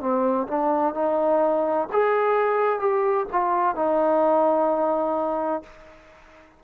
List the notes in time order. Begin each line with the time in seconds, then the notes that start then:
0.00 C4
0.48 D4
0.94 D#4
1.92 G#4
2.79 G4
3.32 F4
3.75 D#4